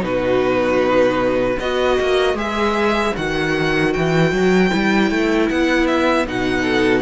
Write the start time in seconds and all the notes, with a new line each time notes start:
0.00 B2 D#4 F#4 B4
1.58 B3 F#4 B4 D#5
2.00 A#3
2.34 G#3 G#4 E5
3.16 D#3 F#4 F#5
3.93 E3 G5
4.31 F#3
4.70 G3 E4
5.10 A3
5.50 B3 F#5
5.87 E5
6.27 B2 D#4 F#5
6.62 A4